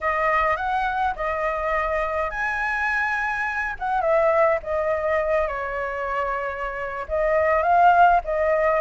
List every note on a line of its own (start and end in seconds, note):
0.00 0.56 D#5
0.56 1.14 F#5
1.15 2.30 D#5
2.30 3.74 G#5
3.79 4.01 F#5
4.01 4.58 E5
4.62 5.47 D#5
5.47 7.06 C#5
7.08 7.62 D#5
7.62 8.20 F5
8.24 8.80 D#5